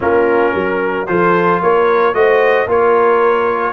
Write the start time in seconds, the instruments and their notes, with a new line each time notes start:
0.00 tuba A#3, trombone C#4, horn F4, trumpet A#4
0.54 tuba F#3, horn A#4
1.07 tuba F3, trombone F4, horn A4, trumpet C5
1.61 tuba A#3, horn A#4, trumpet C#5
2.13 tuba A3, trombone F#4, horn C5, trumpet D#5
2.67 tuba A#3, trombone F4, horn A#4, trumpet C#5